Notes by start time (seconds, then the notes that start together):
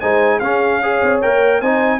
0.00 G#3 D#4 C5 G#5
0.39 C#4 G#4 F5
0.82 G#4 C#5
1.02 C4
1.21 A#3 A#4 G5
1.60 C4 D#4 C5 G#5